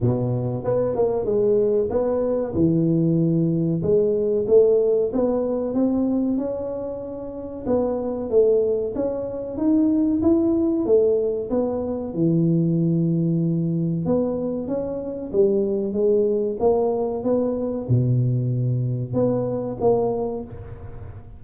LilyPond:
\new Staff \with { instrumentName = "tuba" } { \time 4/4 \tempo 4 = 94 b,4 b8 ais8 gis4 b4 | e2 gis4 a4 | b4 c'4 cis'2 | b4 a4 cis'4 dis'4 |
e'4 a4 b4 e4~ | e2 b4 cis'4 | g4 gis4 ais4 b4 | b,2 b4 ais4 | }